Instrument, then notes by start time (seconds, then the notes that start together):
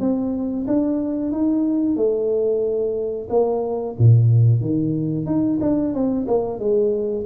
tuba
0.00 C4
0.67 D4
1.32 D#4
1.96 A3
3.30 A#3
3.99 A#2
4.61 D#3
5.26 D#4
5.61 D4
5.94 C4
6.27 A#3
6.59 G#3